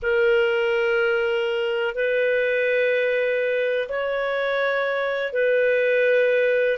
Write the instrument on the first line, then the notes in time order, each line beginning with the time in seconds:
clarinet
0.02 A#4
1.94 B4
3.88 C#5
5.32 B4